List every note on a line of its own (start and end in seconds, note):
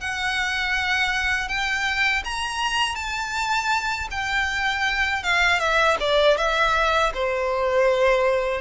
0.00 1.48 F#5
1.48 2.23 G5
2.24 2.95 A#5
2.95 4.07 A5
4.10 5.23 G5
5.23 5.59 F5
5.59 5.97 E5
5.99 6.37 D5
6.37 7.12 E5
7.14 8.61 C5